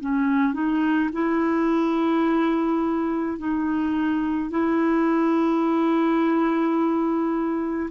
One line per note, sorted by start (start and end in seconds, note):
0.00 0.53 C#4
0.53 1.10 D#4
1.12 3.38 E4
3.38 4.50 D#4
4.50 7.89 E4